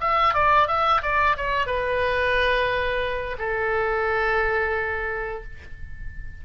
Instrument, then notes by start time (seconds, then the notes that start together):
oboe
0.00 E5
0.34 D5
0.67 E5
1.02 D5
1.36 C#5
1.66 B4
3.38 A4